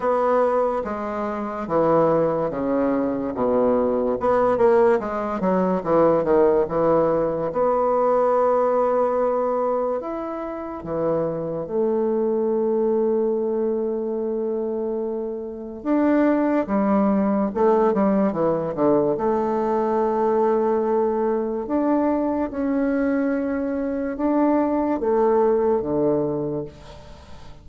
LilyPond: \new Staff \with { instrumentName = "bassoon" } { \time 4/4 \tempo 4 = 72 b4 gis4 e4 cis4 | b,4 b8 ais8 gis8 fis8 e8 dis8 | e4 b2. | e'4 e4 a2~ |
a2. d'4 | g4 a8 g8 e8 d8 a4~ | a2 d'4 cis'4~ | cis'4 d'4 a4 d4 | }